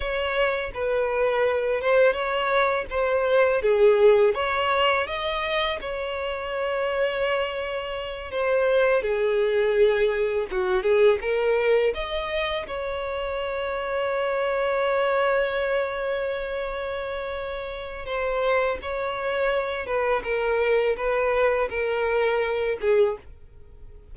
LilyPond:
\new Staff \with { instrumentName = "violin" } { \time 4/4 \tempo 4 = 83 cis''4 b'4. c''8 cis''4 | c''4 gis'4 cis''4 dis''4 | cis''2.~ cis''8 c''8~ | c''8 gis'2 fis'8 gis'8 ais'8~ |
ais'8 dis''4 cis''2~ cis''8~ | cis''1~ | cis''4 c''4 cis''4. b'8 | ais'4 b'4 ais'4. gis'8 | }